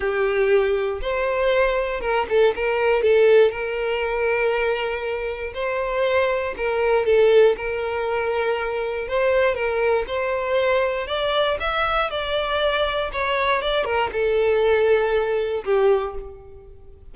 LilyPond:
\new Staff \with { instrumentName = "violin" } { \time 4/4 \tempo 4 = 119 g'2 c''2 | ais'8 a'8 ais'4 a'4 ais'4~ | ais'2. c''4~ | c''4 ais'4 a'4 ais'4~ |
ais'2 c''4 ais'4 | c''2 d''4 e''4 | d''2 cis''4 d''8 ais'8 | a'2. g'4 | }